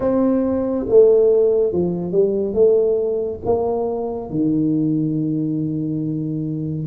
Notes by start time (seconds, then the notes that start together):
0.00 C4
0.88 A3
1.72 F3
2.12 G3
2.54 A3
3.45 A#3
4.30 D#3